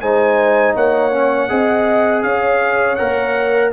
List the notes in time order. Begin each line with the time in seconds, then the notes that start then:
0.00 G#3 D#4 C5 G#5
0.75 A#3 C#5 F#5
1.11 C#4
1.48 C4 G#4 D#5
2.23 C#4 C#5 F5
2.95 A#3 A#4 F#5